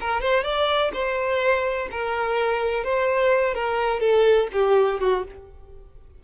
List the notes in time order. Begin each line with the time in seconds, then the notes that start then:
0.00 A#4
0.20 C5
0.43 D5
0.93 C5
1.91 A#4
2.84 C5
3.54 A#4
4.00 A4
4.52 G4
5.00 F#4